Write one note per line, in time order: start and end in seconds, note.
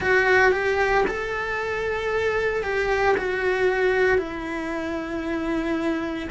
0.00 0.52 F#4
0.52 1.04 G4
1.07 2.63 A4
2.63 3.15 G4
3.17 4.18 F#4
4.18 6.28 E4